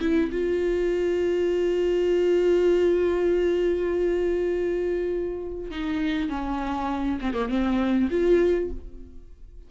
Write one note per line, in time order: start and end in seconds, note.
0.00 0.30 E4
0.31 5.71 F4
5.71 6.29 D#4
6.29 7.19 C#4
7.20 7.33 C4
7.33 7.48 A#3
7.48 8.08 C4
8.10 8.70 F4